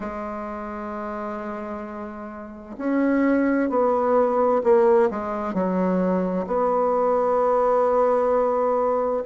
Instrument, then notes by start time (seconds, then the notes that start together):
bassoon
0.00 G#3
2.77 C#4
3.69 B3
4.63 A#3
5.10 G#3
5.53 F#3
6.46 B3